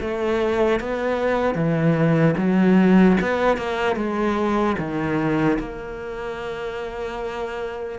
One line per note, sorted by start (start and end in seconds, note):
0.00 0.80 A3
0.80 1.55 B3
1.55 2.35 E3
2.37 3.17 F#3
3.21 3.57 B3
3.57 3.96 A#3
3.96 4.76 G#3
4.78 5.58 D#3
5.59 7.99 A#3